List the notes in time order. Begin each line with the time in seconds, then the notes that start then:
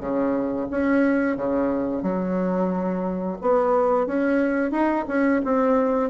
0.00 C#3
0.71 C#4
1.36 C#3
2.03 F#3
3.42 B3
4.07 C#4
4.71 D#4
5.08 C#4
5.45 C4